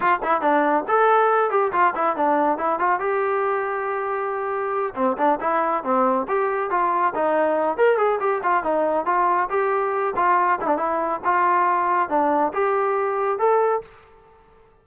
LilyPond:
\new Staff \with { instrumentName = "trombone" } { \time 4/4 \tempo 4 = 139 f'8 e'8 d'4 a'4. g'8 | f'8 e'8 d'4 e'8 f'8 g'4~ | g'2.~ g'8 c'8 | d'8 e'4 c'4 g'4 f'8~ |
f'8 dis'4. ais'8 gis'8 g'8 f'8 | dis'4 f'4 g'4. f'8~ | f'8 e'16 d'16 e'4 f'2 | d'4 g'2 a'4 | }